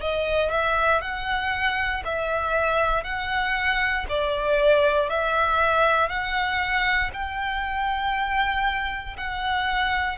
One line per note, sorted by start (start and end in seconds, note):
0.00 0.51 D#5
0.51 1.01 E5
1.01 2.03 F#5
2.04 3.04 E5
3.04 4.05 F#5
4.09 5.09 D5
5.09 6.08 E5
6.08 7.10 F#5
7.13 9.16 G5
9.17 10.17 F#5